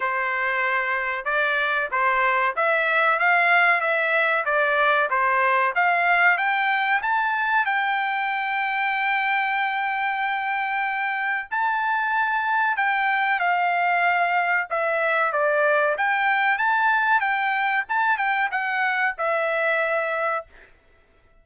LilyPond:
\new Staff \with { instrumentName = "trumpet" } { \time 4/4 \tempo 4 = 94 c''2 d''4 c''4 | e''4 f''4 e''4 d''4 | c''4 f''4 g''4 a''4 | g''1~ |
g''2 a''2 | g''4 f''2 e''4 | d''4 g''4 a''4 g''4 | a''8 g''8 fis''4 e''2 | }